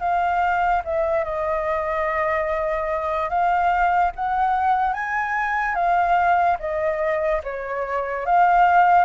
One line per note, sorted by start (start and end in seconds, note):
0.00 0.82 F5
0.85 1.24 E5
1.24 3.30 D#5
3.30 4.12 F5
4.15 4.94 F#5
4.94 5.75 G#5
5.75 6.57 F5
6.60 7.42 D#5
7.44 8.26 C#5
8.26 9.05 F5